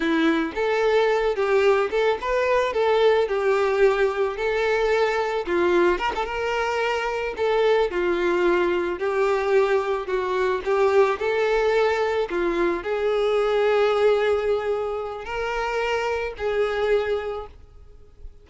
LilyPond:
\new Staff \with { instrumentName = "violin" } { \time 4/4 \tempo 4 = 110 e'4 a'4. g'4 a'8 | b'4 a'4 g'2 | a'2 f'4 ais'16 a'16 ais'8~ | ais'4. a'4 f'4.~ |
f'8 g'2 fis'4 g'8~ | g'8 a'2 f'4 gis'8~ | gis'1 | ais'2 gis'2 | }